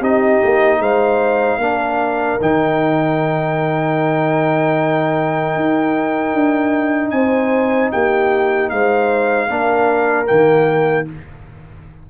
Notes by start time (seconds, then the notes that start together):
0.00 C4 D#4 G4 D#5
0.43 A#3
0.80 G#3 C5 F5
1.58 A#3 D4 A#4
2.41 D#3 D#4 G5
5.55 D#4
6.34 D4
7.11 C4 C5 G#5
7.92 A#3 G4 G5
8.70 G#3 C5 F5
9.48 A#3 D4 A#4
10.26 D#3 A#3 G5